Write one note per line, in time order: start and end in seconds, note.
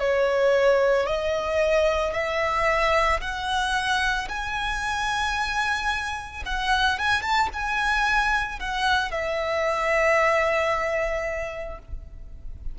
0.00 1.07 C#5
1.07 2.13 D#5
2.13 3.20 E5
3.21 4.28 F#5
4.29 6.43 G#5
6.46 6.99 F#5
6.99 7.22 G#5
7.22 7.49 A5
7.53 8.60 G#5
8.60 9.11 F#5
9.11 11.79 E5